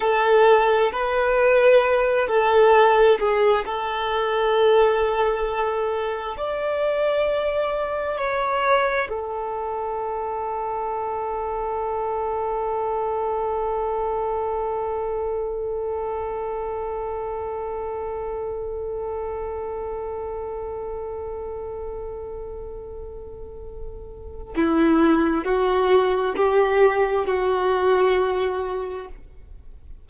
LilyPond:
\new Staff \with { instrumentName = "violin" } { \time 4/4 \tempo 4 = 66 a'4 b'4. a'4 gis'8 | a'2. d''4~ | d''4 cis''4 a'2~ | a'1~ |
a'1~ | a'1~ | a'2. e'4 | fis'4 g'4 fis'2 | }